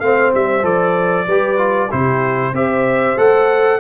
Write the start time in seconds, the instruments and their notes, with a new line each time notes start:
0.00 tuba A3, trombone C4, horn C5, trumpet F5
0.35 tuba G3, trumpet E5
0.63 tuba F3, trombone A4, trumpet D5
1.27 tuba G3, trombone G4, horn B4
1.58 trombone F4
1.89 tuba C3, trombone E4, horn G4, trumpet C5
2.53 tuba C4, trombone G4, horn C5, trumpet E5
3.17 tuba A3, trombone A4, trumpet F#5